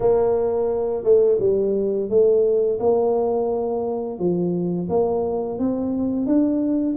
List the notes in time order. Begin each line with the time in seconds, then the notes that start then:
0.00 A#3
1.03 A3
1.39 G3
2.09 A3
2.79 A#3
4.18 F3
4.89 A#3
5.58 C4
6.26 D4